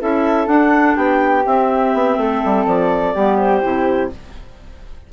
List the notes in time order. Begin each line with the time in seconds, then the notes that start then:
0.00 C#4 E4 A4 E5
0.47 D4 F#5
0.96 B3 G4 G5
1.46 C4 E5
1.94 B3
2.18 A3 A4
2.45 G3
2.66 F3 D5
3.14 G3 B3 G4
3.38 C5
3.61 C3 E4